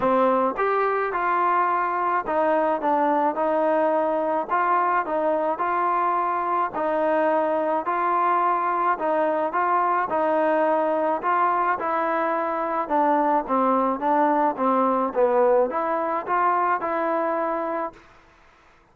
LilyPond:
\new Staff \with { instrumentName = "trombone" } { \time 4/4 \tempo 4 = 107 c'4 g'4 f'2 | dis'4 d'4 dis'2 | f'4 dis'4 f'2 | dis'2 f'2 |
dis'4 f'4 dis'2 | f'4 e'2 d'4 | c'4 d'4 c'4 b4 | e'4 f'4 e'2 | }